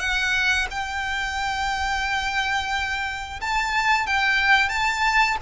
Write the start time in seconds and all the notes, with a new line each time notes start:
0.00 F#5
0.71 G5
3.41 A5
4.07 G5
4.69 A5